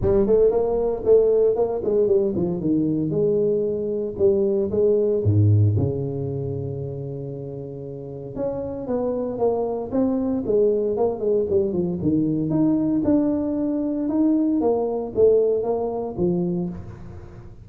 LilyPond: \new Staff \with { instrumentName = "tuba" } { \time 4/4 \tempo 4 = 115 g8 a8 ais4 a4 ais8 gis8 | g8 f8 dis4 gis2 | g4 gis4 gis,4 cis4~ | cis1 |
cis'4 b4 ais4 c'4 | gis4 ais8 gis8 g8 f8 dis4 | dis'4 d'2 dis'4 | ais4 a4 ais4 f4 | }